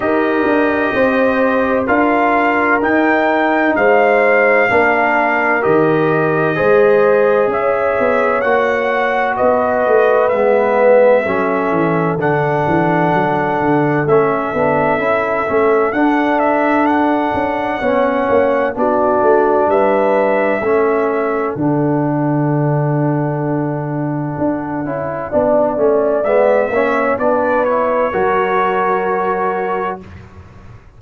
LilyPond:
<<
  \new Staff \with { instrumentName = "trumpet" } { \time 4/4 \tempo 4 = 64 dis''2 f''4 g''4 | f''2 dis''2 | e''4 fis''4 dis''4 e''4~ | e''4 fis''2 e''4~ |
e''4 fis''8 e''8 fis''2 | d''4 e''2 fis''4~ | fis''1 | e''4 d''8 cis''2~ cis''8 | }
  \new Staff \with { instrumentName = "horn" } { \time 4/4 ais'4 c''4 ais'2 | c''4 ais'2 c''4 | cis''2 b'2 | a'1~ |
a'2. cis''4 | fis'4 b'4 a'2~ | a'2. d''4~ | d''8 cis''8 b'4 ais'2 | }
  \new Staff \with { instrumentName = "trombone" } { \time 4/4 g'2 f'4 dis'4~ | dis'4 d'4 g'4 gis'4~ | gis'4 fis'2 b4 | cis'4 d'2 cis'8 d'8 |
e'8 cis'8 d'2 cis'4 | d'2 cis'4 d'4~ | d'2~ d'8 e'8 d'8 cis'8 | b8 cis'8 d'8 e'8 fis'2 | }
  \new Staff \with { instrumentName = "tuba" } { \time 4/4 dis'8 d'8 c'4 d'4 dis'4 | gis4 ais4 dis4 gis4 | cis'8 b8 ais4 b8 a8 gis4 | fis8 e8 d8 e8 fis8 d8 a8 b8 |
cis'8 a8 d'4. cis'8 b8 ais8 | b8 a8 g4 a4 d4~ | d2 d'8 cis'8 b8 a8 | gis8 ais8 b4 fis2 | }
>>